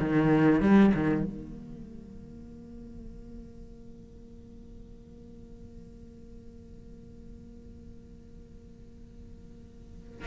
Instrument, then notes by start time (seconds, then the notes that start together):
cello
0.00 D#3
0.60 G3
0.94 D#3
1.24 A#3